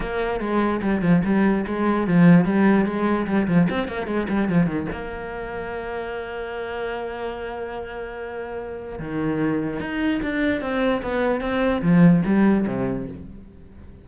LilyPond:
\new Staff \with { instrumentName = "cello" } { \time 4/4 \tempo 4 = 147 ais4 gis4 g8 f8 g4 | gis4 f4 g4 gis4 | g8 f8 c'8 ais8 gis8 g8 f8 dis8 | ais1~ |
ais1~ | ais2 dis2 | dis'4 d'4 c'4 b4 | c'4 f4 g4 c4 | }